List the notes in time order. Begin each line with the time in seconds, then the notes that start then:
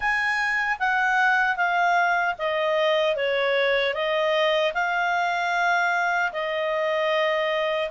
0.00 G#5
0.79 F#5
1.56 F5
2.38 D#5
3.16 C#5
3.94 D#5
4.74 F5
6.32 D#5